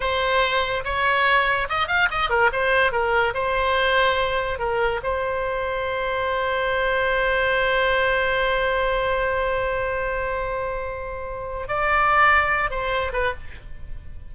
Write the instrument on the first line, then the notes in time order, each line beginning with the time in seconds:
oboe
0.00 C5
0.84 C#5
1.69 D#5
1.87 F5
2.10 D#5
2.29 A#4
2.52 C5
2.91 A#4
3.34 C5
4.58 A#4
5.03 C5
11.67 D5
12.70 C5
13.12 B4